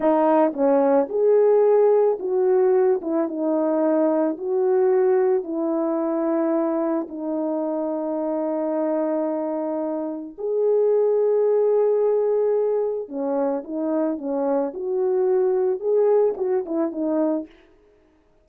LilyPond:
\new Staff \with { instrumentName = "horn" } { \time 4/4 \tempo 4 = 110 dis'4 cis'4 gis'2 | fis'4. e'8 dis'2 | fis'2 e'2~ | e'4 dis'2.~ |
dis'2. gis'4~ | gis'1 | cis'4 dis'4 cis'4 fis'4~ | fis'4 gis'4 fis'8 e'8 dis'4 | }